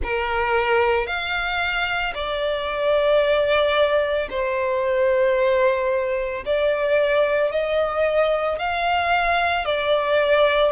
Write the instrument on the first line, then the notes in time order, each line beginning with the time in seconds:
violin
0.03 A#4
1.06 F5
2.14 D5
4.30 C5
6.45 D5
7.51 D#5
8.58 F5
9.65 D5